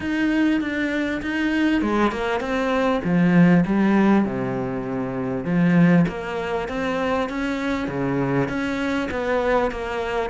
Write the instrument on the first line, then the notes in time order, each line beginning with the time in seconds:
cello
0.00 D#4
0.60 D4
1.21 D#4
1.81 G#3
2.11 A#3
2.40 C4
3.04 F3
3.66 G3
4.24 C3
5.45 F3
6.08 A#3
6.68 C4
7.29 C#4
7.88 C#3
8.48 C#4
9.10 B3
9.71 A#3